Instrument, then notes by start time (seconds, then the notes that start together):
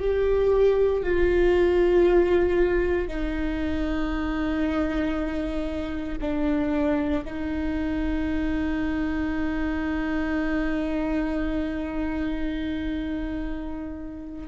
viola
0.00 G4
1.03 F4
3.08 D#4
6.21 D4
7.26 D#4